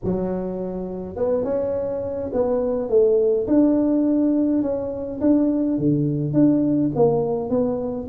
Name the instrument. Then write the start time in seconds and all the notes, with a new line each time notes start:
tuba
0.03 F#3
1.15 B3
1.43 C#4
2.32 B3
2.89 A3
3.47 D4
4.62 C#4
5.21 D4
5.77 D3
6.33 D4
6.95 A#3
7.49 B3